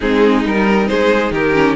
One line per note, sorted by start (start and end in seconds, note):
0.00 0.45 G#3
0.00 0.43 C4
0.00 0.89 D#4
0.00 0.45 G#4
0.43 0.89 G3
0.43 1.53 D#4
0.43 0.87 A#4
0.87 1.31 G#3
0.87 1.33 G#4
0.87 1.32 C5
1.31 1.75 D#3
1.31 1.75 G4
1.31 1.75 A#4
1.53 1.75 C#4